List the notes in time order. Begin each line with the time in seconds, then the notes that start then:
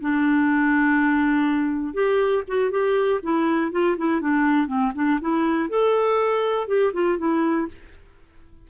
0.00 D4
1.93 G4
2.47 F#4
2.70 G4
3.23 E4
3.71 F4
3.97 E4
4.20 D4
4.67 C4
4.94 D4
5.20 E4
5.69 A4
6.67 G4
6.93 F4
7.18 E4